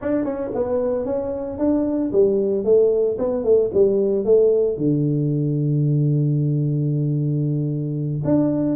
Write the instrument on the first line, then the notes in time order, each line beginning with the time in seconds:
tuba
0.01 D4
0.24 C#4
0.54 B3
1.05 C#4
1.58 D4
2.12 G3
2.64 A3
3.18 B3
3.43 A3
3.74 G3
4.25 A3
4.77 D3
8.24 D4